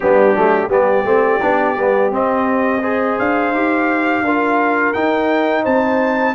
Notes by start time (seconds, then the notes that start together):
0.00 G3 B3 D4 G4
0.35 F#3 A3
0.68 G3 B3 G4 D5
1.04 A3 C4
1.41 B3 D4
1.76 G3 B3
2.11 C4 D#5
2.81 G#4 C5
3.18 D4 F5
3.51 D#4 G4
4.22 D4 F4 A#4
4.93 D#4 G5
5.63 C4 C5 A5